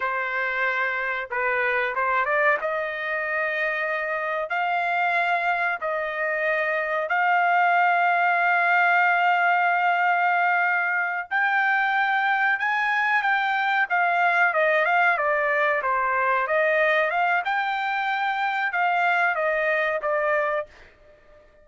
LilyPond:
\new Staff \with { instrumentName = "trumpet" } { \time 4/4 \tempo 4 = 93 c''2 b'4 c''8 d''8 | dis''2. f''4~ | f''4 dis''2 f''4~ | f''1~ |
f''4. g''2 gis''8~ | gis''8 g''4 f''4 dis''8 f''8 d''8~ | d''8 c''4 dis''4 f''8 g''4~ | g''4 f''4 dis''4 d''4 | }